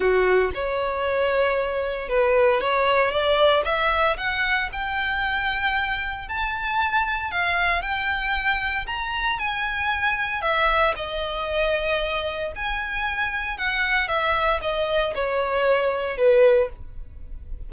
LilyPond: \new Staff \with { instrumentName = "violin" } { \time 4/4 \tempo 4 = 115 fis'4 cis''2. | b'4 cis''4 d''4 e''4 | fis''4 g''2. | a''2 f''4 g''4~ |
g''4 ais''4 gis''2 | e''4 dis''2. | gis''2 fis''4 e''4 | dis''4 cis''2 b'4 | }